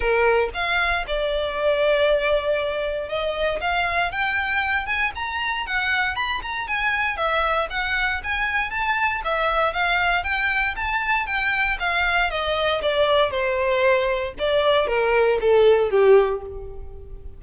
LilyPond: \new Staff \with { instrumentName = "violin" } { \time 4/4 \tempo 4 = 117 ais'4 f''4 d''2~ | d''2 dis''4 f''4 | g''4. gis''8 ais''4 fis''4 | b''8 ais''8 gis''4 e''4 fis''4 |
gis''4 a''4 e''4 f''4 | g''4 a''4 g''4 f''4 | dis''4 d''4 c''2 | d''4 ais'4 a'4 g'4 | }